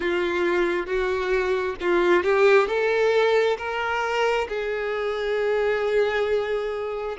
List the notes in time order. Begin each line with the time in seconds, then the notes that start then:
0.00 F4
0.86 F#4
1.81 F4
2.23 G4
2.67 A4
3.58 A#4
4.48 G#4